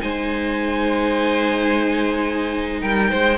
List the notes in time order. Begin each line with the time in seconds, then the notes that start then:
0.00 G#3 D#4 C5 G#5
2.81 G3 A#4 G5
3.10 G#3 C5